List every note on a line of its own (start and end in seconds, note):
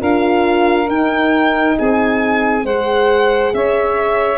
0.00 0.89 D4
0.00 0.87 F4
0.00 1.76 A#4
0.00 0.90 F5
0.87 2.64 D#4
0.87 1.77 D#4
0.87 1.78 G5
1.77 2.64 C4
1.77 2.65 G#4
1.77 2.66 G#5
2.64 3.52 G#3
2.64 3.53 C5
2.64 3.54 F#5
2.70 4.38 G#4
3.54 4.38 C#4
3.54 4.38 C#5
3.54 4.38 E5